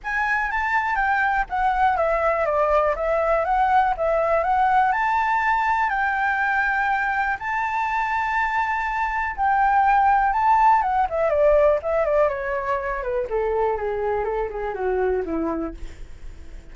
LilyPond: \new Staff \with { instrumentName = "flute" } { \time 4/4 \tempo 4 = 122 gis''4 a''4 g''4 fis''4 | e''4 d''4 e''4 fis''4 | e''4 fis''4 a''2 | g''2. a''4~ |
a''2. g''4~ | g''4 a''4 fis''8 e''8 d''4 | e''8 d''8 cis''4. b'8 a'4 | gis'4 a'8 gis'8 fis'4 e'4 | }